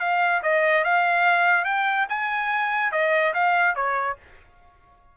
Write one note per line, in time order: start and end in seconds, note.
0.00 0.42 F5
0.43 0.84 D#5
0.84 1.65 F5
1.65 2.06 G5
2.09 2.92 G#5
2.92 3.34 D#5
3.34 3.75 F5
3.75 4.17 C#5